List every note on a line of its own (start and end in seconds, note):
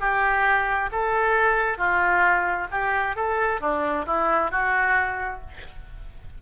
0.00 0.90 G4
0.92 1.78 A4
1.78 2.67 F4
2.71 3.15 G4
3.15 3.60 A4
3.60 4.05 D4
4.06 4.51 E4
4.51 5.41 F#4